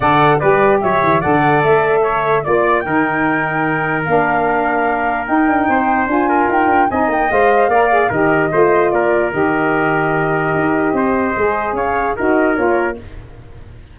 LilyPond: <<
  \new Staff \with { instrumentName = "flute" } { \time 4/4 \tempo 4 = 148 fis''4 d''4 e''4 fis''4 | e''2 d''4 g''4~ | g''2 f''2~ | f''4 g''2 gis''4 |
g''4 gis''8 g''8 f''2 | dis''2 d''4 dis''4~ | dis''1~ | dis''4 f''4 dis''4 cis''4 | }
  \new Staff \with { instrumentName = "trumpet" } { \time 4/4 d''4 b'4 cis''4 d''4~ | d''4 cis''4 d''4 ais'4~ | ais'1~ | ais'2 c''4. ais'8~ |
ais'4 dis''2 d''4 | ais'4 c''4 ais'2~ | ais'2. c''4~ | c''4 cis''4 ais'2 | }
  \new Staff \with { instrumentName = "saxophone" } { \time 4/4 a'4 g'2 a'4~ | a'2 f'4 dis'4~ | dis'2 d'2~ | d'4 dis'2 f'4~ |
f'4 dis'4 c''4 ais'8 gis'8 | g'4 f'2 g'4~ | g'1 | gis'2 fis'4 f'4 | }
  \new Staff \with { instrumentName = "tuba" } { \time 4/4 d4 g4 fis8 e8 d4 | a2 ais4 dis4~ | dis2 ais2~ | ais4 dis'8 d'8 c'4 d'4 |
dis'8 d'8 c'8 ais8 gis4 ais4 | dis4 a4 ais4 dis4~ | dis2 dis'4 c'4 | gis4 cis'4 dis'4 ais4 | }
>>